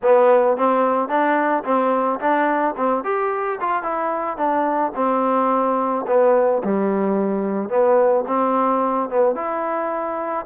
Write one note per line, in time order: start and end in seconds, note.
0.02 0.57 B3
0.57 1.08 C4
1.08 1.63 D4
1.64 2.19 C4
2.19 2.74 D4
2.76 3.04 C4
3.04 3.59 G4
3.60 3.82 F4
3.82 4.37 E4
4.37 4.92 D4
4.95 6.05 C4
6.07 6.62 B3
6.64 7.69 G3
7.69 8.24 B3
8.27 9.09 C4
9.09 9.35 B3
9.35 10.45 E4